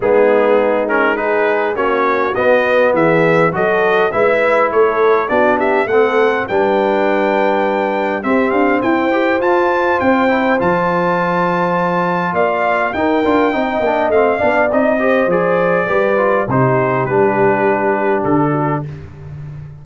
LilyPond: <<
  \new Staff \with { instrumentName = "trumpet" } { \time 4/4 \tempo 4 = 102 gis'4. ais'8 b'4 cis''4 | dis''4 e''4 dis''4 e''4 | cis''4 d''8 e''8 fis''4 g''4~ | g''2 e''8 f''8 g''4 |
a''4 g''4 a''2~ | a''4 f''4 g''2 | f''4 dis''4 d''2 | c''4 b'2 a'4 | }
  \new Staff \with { instrumentName = "horn" } { \time 4/4 dis'2 gis'4 fis'4~ | fis'4 gis'4 a'4 b'4 | a'4 fis'8 g'8 a'4 b'4~ | b'2 g'4 c''4~ |
c''1~ | c''4 d''4 ais'4 dis''4~ | dis''8 d''4 c''4. b'4 | g'2.~ g'8 fis'8 | }
  \new Staff \with { instrumentName = "trombone" } { \time 4/4 b4. cis'8 dis'4 cis'4 | b2 fis'4 e'4~ | e'4 d'4 c'4 d'4~ | d'2 c'4. g'8 |
f'4. e'8 f'2~ | f'2 dis'8 f'8 dis'8 d'8 | c'8 d'8 dis'8 g'8 gis'4 g'8 f'8 | dis'4 d'2. | }
  \new Staff \with { instrumentName = "tuba" } { \time 4/4 gis2. ais4 | b4 e4 fis4 gis4 | a4 b4 a4 g4~ | g2 c'8 d'8 e'4 |
f'4 c'4 f2~ | f4 ais4 dis'8 d'8 c'8 ais8 | a8 b8 c'4 f4 g4 | c4 g2 d4 | }
>>